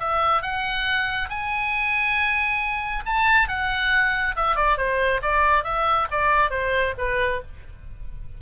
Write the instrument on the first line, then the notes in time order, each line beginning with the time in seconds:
oboe
0.00 E5
0.42 F#5
1.29 G#5
3.06 A5
3.48 F#5
4.36 E5
4.56 D5
4.77 C5
5.22 D5
5.64 E5
6.11 D5
6.50 C5
6.98 B4